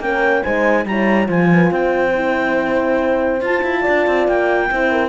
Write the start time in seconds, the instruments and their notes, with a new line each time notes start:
0.00 cello A#3, horn C#4 A#4, clarinet G5
0.43 cello G#3, horn D#4 C5, clarinet G#5
0.86 cello G3, horn E4 C#5, clarinet A#5
1.25 cello F3, horn F4 C5, clarinet G#5
1.54 horn B4
1.71 cello C4, horn C5, clarinet G5
2.15 horn E4
3.41 cello F4, horn F4, clarinet A5
3.63 cello E4
3.81 horn D5
3.88 cello D4
4.07 cello C4
4.28 cello A#3, clarinet G5
4.71 cello C4, horn E4 C5
4.92 horn A#4